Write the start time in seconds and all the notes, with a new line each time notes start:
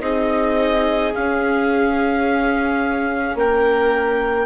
0.00 C4 D#4 G#4 D#5
1.14 C#4 F5
3.35 A#3 A#4 G5